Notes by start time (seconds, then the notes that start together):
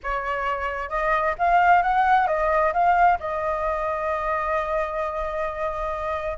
0.03 C#5
0.89 D#5
1.38 F5
1.82 F#5
2.27 D#5
2.73 F5
3.19 D#5